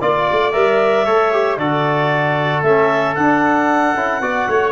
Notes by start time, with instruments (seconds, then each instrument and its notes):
0.00 tuba A#3, trombone F4, clarinet D5, trumpet D5
0.31 tuba A3
0.52 tuba G3, trombone A#4, clarinet E5
1.06 tuba A3, trombone A4, trumpet C#5
1.32 trombone G4
1.57 tuba D3, trombone F#4, trumpet A4, clarinet D5
2.62 tuba A3, trombone C#4, clarinet E5
3.15 trombone D4, tuba D4, clarinet F#5
3.95 tuba C#4, trombone E4
4.20 tuba B3, trombone F#4, trumpet D5
4.48 tuba A3, trumpet C#5